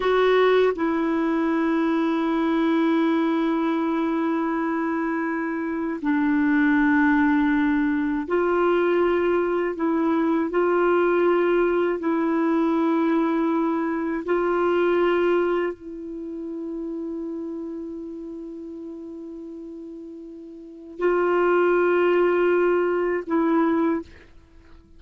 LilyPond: \new Staff \with { instrumentName = "clarinet" } { \time 4/4 \tempo 4 = 80 fis'4 e'2.~ | e'1 | d'2. f'4~ | f'4 e'4 f'2 |
e'2. f'4~ | f'4 e'2.~ | e'1 | f'2. e'4 | }